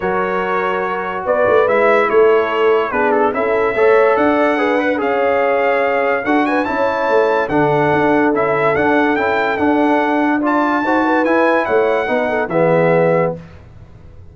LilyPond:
<<
  \new Staff \with { instrumentName = "trumpet" } { \time 4/4 \tempo 4 = 144 cis''2. d''4 | e''4 cis''2 b'8 a'8 | e''2 fis''2 | f''2. fis''8 gis''8 |
a''2 fis''2 | e''4 fis''4 g''4 fis''4~ | fis''4 a''2 gis''4 | fis''2 e''2 | }
  \new Staff \with { instrumentName = "horn" } { \time 4/4 ais'2. b'4~ | b'4 a'2 gis'4 | a'4 cis''4 d''4 b'4 | cis''2. a'8 b'8 |
cis''2 a'2~ | a'1~ | a'4 d''4 c''8 b'4. | cis''4 b'8 a'8 gis'2 | }
  \new Staff \with { instrumentName = "trombone" } { \time 4/4 fis'1 | e'2. d'4 | e'4 a'2 gis'8 b'8 | gis'2. fis'4 |
e'2 d'2 | e'4 d'4 e'4 d'4~ | d'4 f'4 fis'4 e'4~ | e'4 dis'4 b2 | }
  \new Staff \with { instrumentName = "tuba" } { \time 4/4 fis2. b8 a8 | gis4 a2 b4 | cis'4 a4 d'2 | cis'2. d'4 |
cis'4 a4 d4 d'4 | cis'4 d'4 cis'4 d'4~ | d'2 dis'4 e'4 | a4 b4 e2 | }
>>